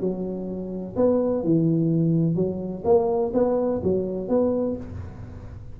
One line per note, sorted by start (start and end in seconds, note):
0.00 0.95 F#3
0.96 1.44 B3
1.44 2.35 E3
2.35 2.83 F#3
2.85 3.32 A#3
3.34 3.81 B3
3.83 4.29 F#3
4.29 4.76 B3